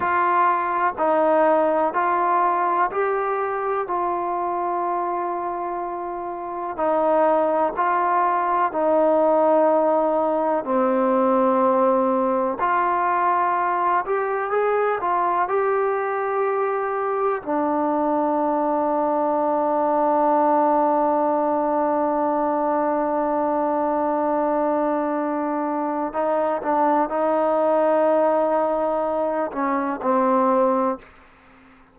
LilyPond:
\new Staff \with { instrumentName = "trombone" } { \time 4/4 \tempo 4 = 62 f'4 dis'4 f'4 g'4 | f'2. dis'4 | f'4 dis'2 c'4~ | c'4 f'4. g'8 gis'8 f'8 |
g'2 d'2~ | d'1~ | d'2. dis'8 d'8 | dis'2~ dis'8 cis'8 c'4 | }